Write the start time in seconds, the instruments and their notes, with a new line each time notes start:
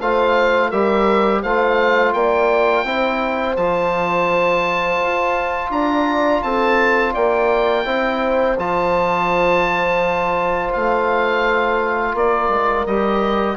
0.00 bassoon A3, trombone F4, horn C5, oboe F5
0.69 bassoon G3, trombone G4, horn A#4, oboe E5
1.42 bassoon A3, trombone F4, horn C5, oboe F5
2.13 bassoon A#3, horn D5, oboe G5
2.84 bassoon C4, trombone E4, horn C5
3.56 bassoon F3, trombone F4, oboe A5
5.02 bassoon F4
5.70 bassoon D4, horn D5, oboe A#5
6.42 bassoon C4, horn A4, oboe A5
7.12 bassoon A#3, horn D5, oboe G5
7.84 bassoon C4, trombone E4, horn C5
8.57 bassoon F3, trombone F4, oboe A5
10.72 bassoon A3, oboe F5
12.14 bassoon A#3, horn A#4, oboe D5
12.49 bassoon G#3
12.85 bassoon G3, trombone G4, oboe D#5